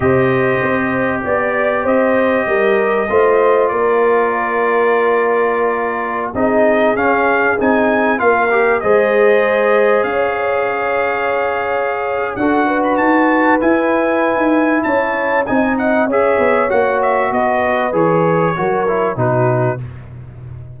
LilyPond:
<<
  \new Staff \with { instrumentName = "trumpet" } { \time 4/4 \tempo 4 = 97 dis''2 d''4 dis''4~ | dis''2 d''2~ | d''2~ d''16 dis''4 f''8.~ | f''16 gis''4 f''4 dis''4.~ dis''16~ |
dis''16 f''2.~ f''8. | fis''8. b''16 a''4 gis''2 | a''4 gis''8 fis''8 e''4 fis''8 e''8 | dis''4 cis''2 b'4 | }
  \new Staff \with { instrumentName = "horn" } { \time 4/4 c''2 d''4 c''4 | ais'4 c''4 ais'2~ | ais'2~ ais'16 gis'4.~ gis'16~ | gis'4~ gis'16 ais'4 c''4.~ c''16~ |
c''16 cis''2.~ cis''8. | a'8 b'2.~ b'8 | cis''4 dis''4 cis''2 | b'2 ais'4 fis'4 | }
  \new Staff \with { instrumentName = "trombone" } { \time 4/4 g'1~ | g'4 f'2.~ | f'2~ f'16 dis'4 cis'8.~ | cis'16 dis'4 f'8 g'8 gis'4.~ gis'16~ |
gis'1 | fis'2 e'2~ | e'4 dis'4 gis'4 fis'4~ | fis'4 gis'4 fis'8 e'8 dis'4 | }
  \new Staff \with { instrumentName = "tuba" } { \time 4/4 c4 c'4 b4 c'4 | g4 a4 ais2~ | ais2~ ais16 c'4 cis'8.~ | cis'16 c'4 ais4 gis4.~ gis16~ |
gis16 cis'2.~ cis'8. | d'4 dis'4 e'4~ e'16 dis'8. | cis'4 c'4 cis'8 b8 ais4 | b4 e4 fis4 b,4 | }
>>